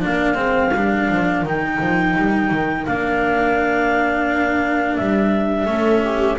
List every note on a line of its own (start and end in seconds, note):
0.00 0.36 A#3
0.00 0.35 D4
0.00 5.67 A#4
0.00 1.46 F5
0.35 0.72 G#3
0.35 0.70 C4
0.74 1.09 G3
0.74 1.45 D4
1.10 1.42 F3
1.42 1.78 D#3
1.42 2.86 D#4
1.42 2.86 G5
1.80 2.16 F3
2.17 2.51 G3
2.51 2.86 D#3
2.86 4.99 A#3
2.86 5.67 D4
2.86 4.96 F5
4.96 5.66 G3
4.96 6.37 E5
5.66 6.36 A3
5.66 6.37 C#4
5.66 6.03 A4
6.04 6.38 G4